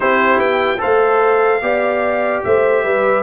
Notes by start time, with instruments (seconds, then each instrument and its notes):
0.00 tuba C4, trombone E4, horn G4, trumpet C5
0.38 tuba B3, trumpet G5
0.78 tuba A3, trombone A4, horn C5, trumpet F5
1.62 tuba B3, trombone G4, horn D5
2.44 tuba A3, horn C5, trumpet E5
2.83 tuba G3, horn B4